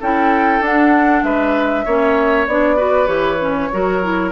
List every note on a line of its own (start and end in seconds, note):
0.00 0.60 C#4
0.00 0.62 E4
0.00 1.24 A4
0.00 0.65 G5
0.60 1.22 D4
0.60 1.86 D4
0.60 1.23 F#5
1.23 1.85 G#3
1.23 1.85 B4
1.23 2.47 E5
1.85 2.47 A#3
1.85 2.48 C#4
1.85 2.76 C#5
2.47 3.07 B3
2.47 2.77 D4
2.47 3.07 D5
2.76 3.07 F#4
2.76 3.69 B4
3.07 3.69 E3
3.07 3.38 G4
3.07 4.31 C#5
3.40 3.71 C#4
3.72 4.32 F#3
3.72 4.03 F#4
3.72 4.32 A#4
4.03 4.32 E4